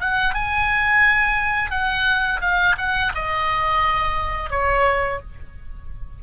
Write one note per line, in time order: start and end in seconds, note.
0.00 0.34 F#5
0.34 1.70 G#5
1.70 2.40 F#5
2.41 2.76 F5
2.77 3.12 F#5
3.14 4.50 D#5
4.50 5.19 C#5